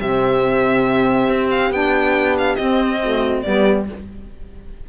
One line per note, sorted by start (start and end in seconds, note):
0.00 1.29 C3
0.00 1.73 C4
0.00 3.00 G4
0.00 1.50 E5
1.29 1.71 C4
1.51 1.72 F5
1.71 2.57 B3
1.71 2.58 D4
1.71 2.37 G5
2.39 2.56 F5
2.56 3.01 C4
2.56 3.45 C4
2.56 3.42 D#5
3.02 3.44 A3
3.02 3.45 F#4
3.42 3.89 G3
3.42 3.87 B3
3.42 3.88 G4
3.42 3.85 D5